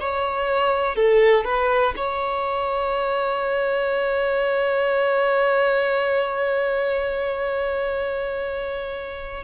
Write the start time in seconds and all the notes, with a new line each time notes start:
0.00 C#5
0.96 A4
1.45 B4
1.96 C#5